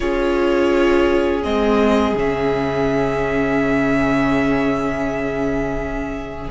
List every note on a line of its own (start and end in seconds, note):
0.00 1.45 C#4
0.00 1.42 F4
0.00 6.50 G#4
0.00 1.41 C#5
1.42 2.14 G#3
1.42 2.15 C4
1.42 2.16 D#5
2.14 6.48 C#3
2.14 6.50 C#4
2.14 6.50 E5